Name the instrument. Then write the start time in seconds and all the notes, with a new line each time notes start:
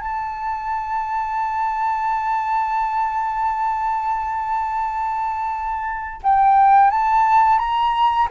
flute
0.00 A5
6.23 G5
6.90 A5
7.59 A#5